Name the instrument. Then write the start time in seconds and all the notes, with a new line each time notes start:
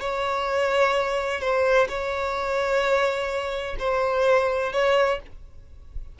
violin
0.00 C#5
1.41 C5
1.88 C#5
3.79 C5
4.72 C#5